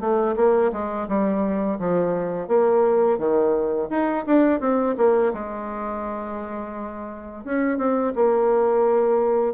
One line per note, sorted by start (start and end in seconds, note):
0.00 0.35 A3
0.36 0.71 A#3
0.73 1.08 G#3
1.08 1.79 G3
1.79 2.48 F3
2.48 3.18 A#3
3.18 3.89 D#3
3.90 4.25 D#4
4.26 4.60 D4
4.60 4.95 C4
4.97 5.33 A#3
5.33 7.45 G#3
7.45 7.78 C#4
7.78 8.13 C4
8.16 9.54 A#3